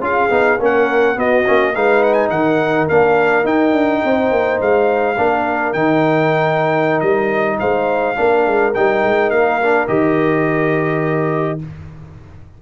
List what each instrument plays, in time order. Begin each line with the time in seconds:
0.00 tuba C#4, trombone F4, horn G#4, trumpet F5
0.30 tuba B3, trombone D#4
0.60 tuba A#3, trombone C#4, horn A#4, trumpet F#5
1.16 trombone B3, tuba B3, horn F#4, trumpet D#5
1.46 tuba A#3, trombone C#4
1.73 tuba G#3, trombone D#4, horn B4, trumpet F5
2.03 trumpet F#5
2.13 trumpet G#5
2.30 tuba D#3, horn A#4, trumpet F#5
2.89 tuba A#3, trombone D4, trumpet F5
3.44 tuba D#4, trombone D#4, trumpet G5
3.72 tuba D4
4.04 tuba C4, horn C5
4.31 tuba A#3
4.61 tuba G#3, trumpet F5
5.18 tuba A#3, trombone D4, horn A#4
5.73 tuba D#3, trombone D#4, trumpet G5
7.00 tuba G3, trumpet D#5
7.60 tuba G#3, horn C5, trumpet F5
8.16 tuba A#3, trombone D4, horn A#4
8.47 tuba G#3
8.74 tuba G3, trombone D#4, trumpet G5
9.04 tuba G#3
9.30 tuba A#3, trumpet F5
9.62 trombone D4
9.88 tuba D#3, trombone G4, trumpet D#5